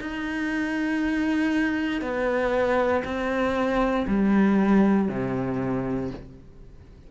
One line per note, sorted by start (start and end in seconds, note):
0.00 2.01 D#4
2.01 3.03 B3
3.04 4.06 C4
4.07 5.08 G3
5.08 6.10 C3